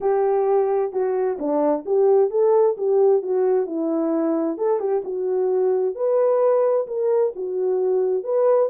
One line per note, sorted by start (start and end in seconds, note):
0.00 0.92 G4
0.92 1.38 F#4
1.39 1.84 D4
1.85 2.30 G4
2.30 2.76 A4
2.77 3.22 G4
3.22 3.66 F#4
3.66 4.57 E4
4.57 4.79 A4
4.79 5.02 G4
5.04 5.95 F#4
5.95 6.87 B4
6.87 7.33 A#4
7.35 8.23 F#4
8.23 8.69 B4